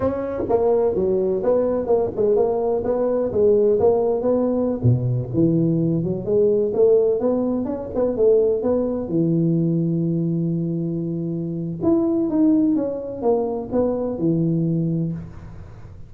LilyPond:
\new Staff \with { instrumentName = "tuba" } { \time 4/4 \tempo 4 = 127 cis'4 ais4 fis4 b4 | ais8 gis8 ais4 b4 gis4 | ais4 b4~ b16 b,4 e8.~ | e8. fis8 gis4 a4 b8.~ |
b16 cis'8 b8 a4 b4 e8.~ | e1~ | e4 e'4 dis'4 cis'4 | ais4 b4 e2 | }